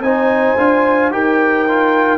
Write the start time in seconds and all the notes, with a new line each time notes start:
0.00 C4 D#4 C5 G#5
0.58 D4 F4
1.11 D#4 G4 A#4 G5
1.69 F4